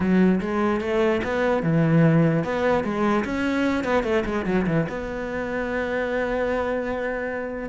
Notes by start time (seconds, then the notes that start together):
0.00 F#3
0.40 G#3
0.81 A3
1.23 B3
1.62 E3
2.44 B3
2.84 G#3
3.24 C#4
3.84 B3
4.03 A3
4.25 G#3
4.45 F#3
4.66 E3
4.88 B3